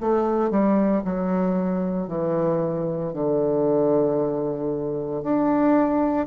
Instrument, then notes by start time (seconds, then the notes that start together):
bassoon
0.00 A3
0.50 G3
1.04 F#3
2.08 E3
3.13 D3
5.23 D4